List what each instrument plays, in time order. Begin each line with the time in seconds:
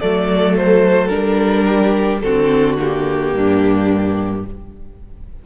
0.00 cello F#3, viola A3, violin A4 D5
0.56 violin C5
1.08 cello G3, viola D4, violin A#4
1.66 violin G4
2.21 cello D3, viola C4, violin F#4 A4
2.78 viola A#3, violin G4
3.33 cello G2, violin D4